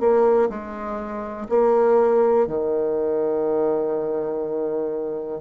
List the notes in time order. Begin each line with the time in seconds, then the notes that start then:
0.00 A#3
0.50 G#3
1.49 A#3
2.47 D#3